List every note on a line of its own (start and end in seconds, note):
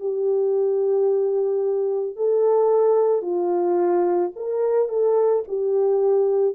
0.00 2.17 G4
2.17 3.22 A4
3.22 4.31 F4
4.36 4.89 A#4
4.89 5.43 A4
5.48 6.56 G4